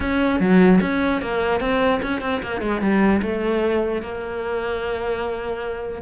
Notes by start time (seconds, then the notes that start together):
0.00 C#4
0.39 F#3
0.81 C#4
1.21 A#3
1.60 C4
2.02 C#4
2.21 C4
2.42 A#3
2.61 G#3
2.81 G3
3.22 A3
4.02 A#3